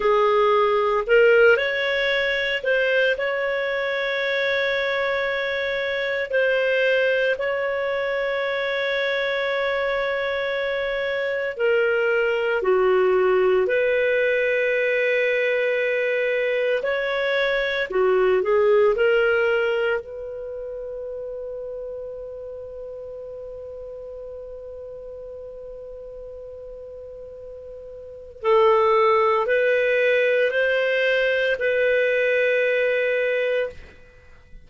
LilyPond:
\new Staff \with { instrumentName = "clarinet" } { \time 4/4 \tempo 4 = 57 gis'4 ais'8 cis''4 c''8 cis''4~ | cis''2 c''4 cis''4~ | cis''2. ais'4 | fis'4 b'2. |
cis''4 fis'8 gis'8 ais'4 b'4~ | b'1~ | b'2. a'4 | b'4 c''4 b'2 | }